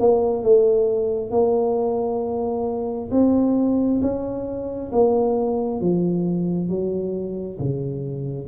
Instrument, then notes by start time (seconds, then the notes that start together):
tuba
0.00 A#3
0.43 A3
1.31 A#3
3.11 C4
4.01 C#4
4.92 A#3
5.81 F3
6.69 F#3
7.59 C#3